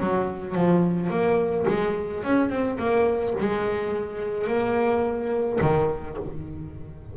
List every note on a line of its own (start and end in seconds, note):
0.00 0.55 F#3
0.55 1.10 F3
1.10 1.66 A#3
1.68 2.24 G#3
2.24 2.50 C#4
2.50 2.78 C4
2.78 3.34 A#3
3.40 4.47 G#3
4.47 5.59 A#3
5.61 6.17 D#3